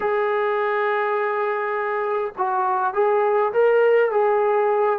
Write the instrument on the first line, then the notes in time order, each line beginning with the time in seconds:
trombone
0.00 G#4
2.37 F#4
2.93 G#4
3.52 A#4
4.11 G#4